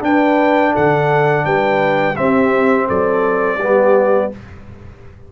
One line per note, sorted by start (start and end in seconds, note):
0.00 2.14 D4
0.00 0.73 D4
0.00 0.72 B4
0.00 0.75 G5
0.72 1.44 D3
0.72 1.43 A4
0.72 1.45 F#5
1.44 2.16 G3
1.44 2.16 B4
1.44 2.16 G5
2.16 3.59 C4
2.16 2.89 C4
2.16 2.87 G4
2.16 2.87 E5
2.87 3.57 F#3
2.87 3.57 A4
2.87 4.32 D5
3.57 4.29 G3
3.57 4.32 B3
3.57 4.29 G4